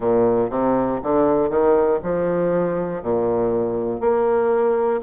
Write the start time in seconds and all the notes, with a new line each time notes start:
0.00 A#2
0.50 C3
1.03 D3
1.49 D#3
2.03 F3
3.02 A#2
4.00 A#3